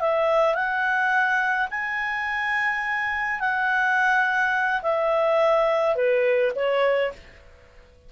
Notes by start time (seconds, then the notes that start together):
0.00 E5
0.54 F#5
1.70 G#5
3.39 F#5
4.82 E5
5.95 B4
6.55 C#5